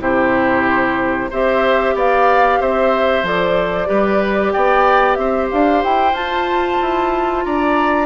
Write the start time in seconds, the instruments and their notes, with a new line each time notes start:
0.00 bassoon C3, clarinet E4, oboe G4, flute C5
1.30 bassoon C4, clarinet G4, oboe C5, flute E5
1.95 bassoon B3, oboe D5, flute F5
2.60 bassoon C4, oboe C5, flute E5
3.23 bassoon F3, clarinet A4, flute D5
3.86 bassoon G3, clarinet G4, oboe B4
4.52 bassoon B3, oboe D5, flute G5
5.15 bassoon C4, oboe C5, flute E5
5.51 bassoon D4, flute F5
5.84 bassoon E4, flute G5
6.12 bassoon F4, clarinet F4, flute A5
6.81 bassoon E4
7.44 bassoon D4, oboe D5, flute A#5